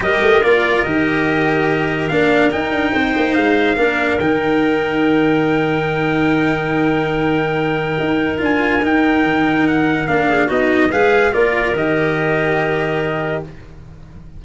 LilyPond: <<
  \new Staff \with { instrumentName = "trumpet" } { \time 4/4 \tempo 4 = 143 dis''4 d''4 dis''2~ | dis''4 f''4 g''2 | f''2 g''2~ | g''1~ |
g''1 | gis''4 g''2 fis''4 | f''4 dis''4 f''4 d''4 | dis''1 | }
  \new Staff \with { instrumentName = "clarinet" } { \time 4/4 ais'1~ | ais'2. c''4~ | c''4 ais'2.~ | ais'1~ |
ais'1~ | ais'1~ | ais'8 gis'8 fis'4 b'4 ais'4~ | ais'1 | }
  \new Staff \with { instrumentName = "cello" } { \time 4/4 g'4 f'4 g'2~ | g'4 d'4 dis'2~ | dis'4 d'4 dis'2~ | dis'1~ |
dis'1 | f'4 dis'2. | d'4 dis'4 gis'4 f'4 | g'1 | }
  \new Staff \with { instrumentName = "tuba" } { \time 4/4 g8 a8 ais4 dis2~ | dis4 ais4 dis'8 d'8 c'8 ais8 | gis4 ais4 dis2~ | dis1~ |
dis2. dis'4 | d'4 dis'4 dis2 | ais4 b4 gis4 ais4 | dis1 | }
>>